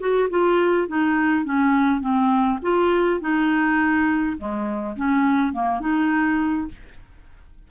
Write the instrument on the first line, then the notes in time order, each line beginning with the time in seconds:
clarinet
0.00 F#4
0.30 F4
0.88 D#4
1.45 C#4
2.01 C4
2.62 F4
3.21 D#4
4.38 G#3
4.96 C#4
5.53 A#3
5.81 D#4